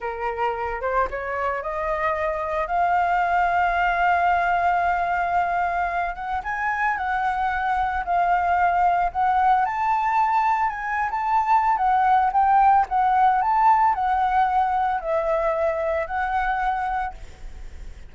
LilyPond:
\new Staff \with { instrumentName = "flute" } { \time 4/4 \tempo 4 = 112 ais'4. c''8 cis''4 dis''4~ | dis''4 f''2.~ | f''2.~ f''8 fis''8 | gis''4 fis''2 f''4~ |
f''4 fis''4 a''2 | gis''8. a''4~ a''16 fis''4 g''4 | fis''4 a''4 fis''2 | e''2 fis''2 | }